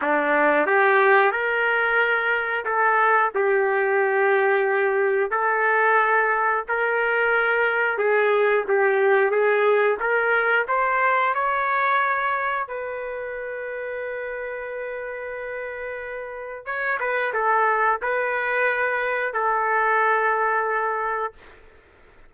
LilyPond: \new Staff \with { instrumentName = "trumpet" } { \time 4/4 \tempo 4 = 90 d'4 g'4 ais'2 | a'4 g'2. | a'2 ais'2 | gis'4 g'4 gis'4 ais'4 |
c''4 cis''2 b'4~ | b'1~ | b'4 cis''8 b'8 a'4 b'4~ | b'4 a'2. | }